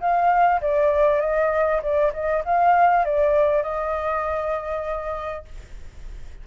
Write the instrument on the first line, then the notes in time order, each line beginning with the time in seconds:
flute
0.00 F5
0.61 D5
1.20 D#5
1.82 D5
2.13 D#5
2.45 F5
3.04 D5
3.63 D#5